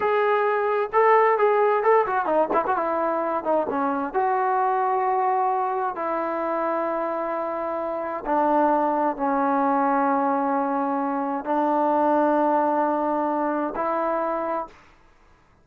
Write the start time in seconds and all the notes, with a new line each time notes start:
0.00 G#4
0.92 A4
1.37 G#4
1.83 A4
2.06 F#4
2.25 D#4
2.53 E4
2.66 F#4
2.76 E4
3.44 D#4
3.69 C#4
4.13 F#4
5.95 E4
8.25 D4
9.16 C#4
11.45 D4
13.75 E4